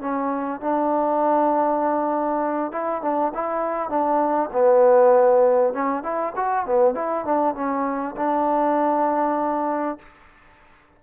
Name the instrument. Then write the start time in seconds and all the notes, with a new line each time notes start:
trombone
0.00 C#4
0.61 D4
2.72 E4
3.02 D4
3.34 E4
3.89 D4
4.52 B3
5.73 C#4
6.03 E4
6.36 F#4
6.66 B3
6.94 E4
7.25 D4
7.55 C#4
8.17 D4